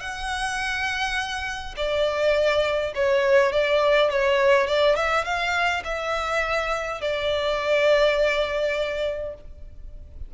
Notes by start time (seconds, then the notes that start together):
0.00 F#5
1.77 D5
2.95 C#5
3.52 D5
4.10 C#5
4.67 D5
4.95 E5
5.25 F5
5.84 E5
7.01 D5